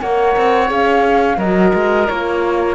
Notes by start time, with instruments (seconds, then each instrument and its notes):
0.00 cello A#3, horn A#4, oboe C#5, flute F#5
0.36 cello C4
0.67 cello C#4, horn G#4, flute F5
1.37 cello F#3, horn F#4, oboe A#4, flute D#5
1.73 cello G#3
2.08 cello A#3, horn F4, flute C#5